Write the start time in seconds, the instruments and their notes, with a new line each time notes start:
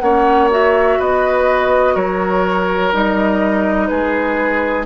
0.00 bassoon A#3, clarinet C#4, oboe C#5, flute F#5
0.51 clarinet F#4, flute E5
0.99 bassoon B3, oboe B4, flute D#5
1.94 bassoon F#3, oboe A#4, flute C#5
2.92 bassoon G3, clarinet D#4, flute D#5
3.87 bassoon G#3, oboe G#4, flute B4